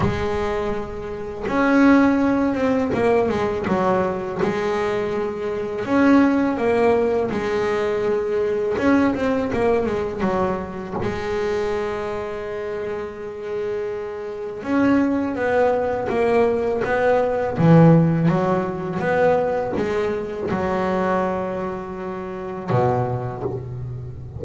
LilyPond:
\new Staff \with { instrumentName = "double bass" } { \time 4/4 \tempo 4 = 82 gis2 cis'4. c'8 | ais8 gis8 fis4 gis2 | cis'4 ais4 gis2 | cis'8 c'8 ais8 gis8 fis4 gis4~ |
gis1 | cis'4 b4 ais4 b4 | e4 fis4 b4 gis4 | fis2. b,4 | }